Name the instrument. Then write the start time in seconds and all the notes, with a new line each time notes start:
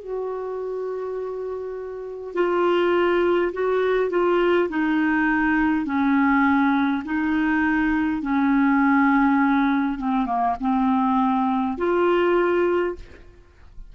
clarinet
0.00 F#4
2.34 F4
3.53 F#4
4.10 F4
4.69 D#4
5.86 C#4
7.05 D#4
8.22 C#4
9.98 C4
10.26 A#3
10.60 C4
11.78 F4